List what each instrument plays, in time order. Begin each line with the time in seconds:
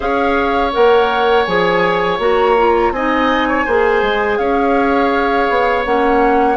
0.00 bassoon C#4, clarinet G#4, oboe C#5, flute F5
0.72 bassoon A#3, clarinet A#4, flute F#5
1.44 bassoon F3, clarinet G#4, flute G#5
2.18 bassoon A#3, clarinet F#4, flute A#5
2.57 clarinet F4
2.91 bassoon C4, clarinet D#4, oboe D#5, flute G#5
3.48 oboe C#5
3.65 bassoon A#3, clarinet G#4, oboe C5
4.02 bassoon G#3
4.37 bassoon C#4, oboe C#5, flute F5
5.49 bassoon B3
5.84 bassoon A#3, clarinet C#4, flute F#5